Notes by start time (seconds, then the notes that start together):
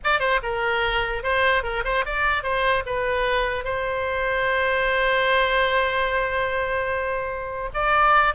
0.04 D5
0.19 C5
0.43 A#4
1.23 C5
1.63 A#4
1.84 C5
2.05 D5
2.43 C5
2.86 B4
3.64 C5
7.74 D5